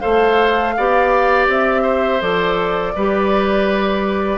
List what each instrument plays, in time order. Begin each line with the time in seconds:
0.00 bassoon A3, clarinet A4, oboe C5, flute F5
0.77 bassoon B3, clarinet G4, oboe D5
1.47 bassoon C4, flute E5
1.82 oboe C5
2.21 bassoon F3, clarinet A4, flute D5
2.95 bassoon G3, clarinet G4, oboe B4